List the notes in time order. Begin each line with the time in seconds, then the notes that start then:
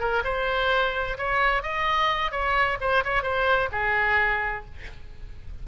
0.00 A#4
0.25 C5
1.18 C#5
1.63 D#5
2.32 C#5
2.81 C5
3.04 C#5
3.23 C5
3.72 G#4